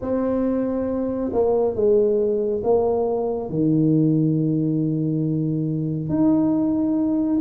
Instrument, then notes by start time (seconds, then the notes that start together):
tuba
0.01 C4
1.32 A#3
1.75 G#3
2.63 A#3
3.49 D#3
6.09 D#4